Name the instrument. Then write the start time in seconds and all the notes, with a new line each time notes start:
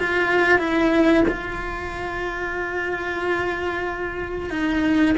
cello
0.00 F4
0.59 E4
1.28 F4
4.51 D#4